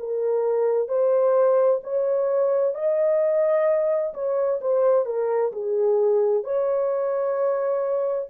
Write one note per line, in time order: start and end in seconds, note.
0.00 0.89 A#4
0.89 1.81 C5
1.84 2.75 C#5
2.75 4.14 D#5
4.14 4.60 C#5
4.62 5.06 C5
5.06 5.52 A#4
5.53 6.44 G#4
6.44 8.29 C#5